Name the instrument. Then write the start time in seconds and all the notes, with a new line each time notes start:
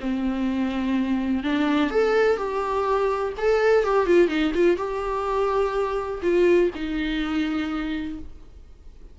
viola
0.00 C4
1.43 D4
1.90 A4
2.36 G4
3.37 A4
3.83 G4
4.06 F4
4.28 D#4
4.54 F4
4.77 G4
6.22 F4
6.75 D#4